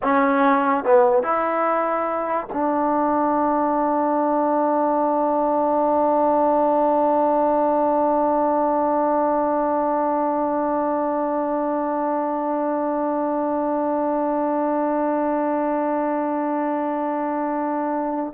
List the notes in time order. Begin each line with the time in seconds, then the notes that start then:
0.02 C#4
0.84 B3
1.22 E4
2.52 D4